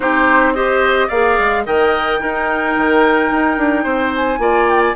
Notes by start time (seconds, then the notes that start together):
0.00 C4 D#4 G4 C5
0.54 G4 C5 D#5
1.07 A#3 G#4 D5 F5
1.39 G#3
1.65 D#3 A#4 D#5 G5
2.19 D#4 A#4
2.76 D#3
3.31 D#4
3.57 D4
3.83 C4 C5
4.15 G#5
4.38 A#3 F4 D5
4.69 G5
4.80 G#5